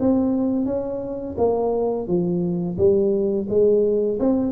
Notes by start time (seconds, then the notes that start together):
0.00 C4
0.66 C#4
1.38 A#3
2.07 F3
2.77 G3
3.49 G#3
4.20 C4